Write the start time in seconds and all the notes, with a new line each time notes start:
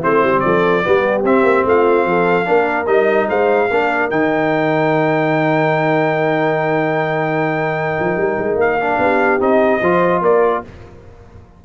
0.00 A3 C4 E4 C5
0.24 G3
0.40 F3 A4 D5
0.84 G3 B3 G4
1.24 C4 E5
1.44 A#3
1.65 A3 F4 F5
2.06 F3 A4
2.45 A#3 D4 A#4
2.87 G3 D#4 D#5
3.29 G#3 C5 F5
3.71 A#3 D4 A#4
4.11 D#3 D#4 G5
8.00 F3
8.17 G3
8.39 G#3
8.56 A#3 F5
8.82 D4
8.91 G#4
8.99 B3 G4
9.40 C4 D#4 D#5
9.82 F3 F4 C5
10.22 A#3 A#4 D5